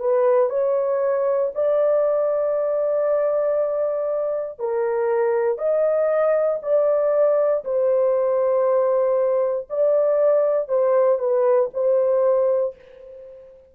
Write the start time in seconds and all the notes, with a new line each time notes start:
0.00 B4
0.50 C#5
1.55 D5
4.59 A#4
5.58 D#5
6.63 D5
7.65 C5
9.70 D5
10.69 C5
11.19 B4
11.74 C5